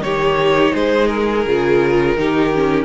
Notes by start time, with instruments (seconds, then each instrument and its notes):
0.00 cello D#3, viola D#4, violin G4 C#5
0.74 cello G#3, violin G#4 C5
1.07 violin A#4
1.46 cello C#3, viola F4
2.17 cello D#3, viola D#4, violin G4
2.54 viola C#4